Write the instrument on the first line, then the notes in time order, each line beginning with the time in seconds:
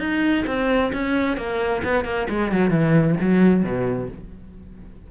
cello
0.00 D#4
0.47 C4
0.94 C#4
1.38 A#3
1.84 B3
2.05 A#3
2.30 G#3
2.52 F#3
2.71 E3
3.21 F#3
3.64 B2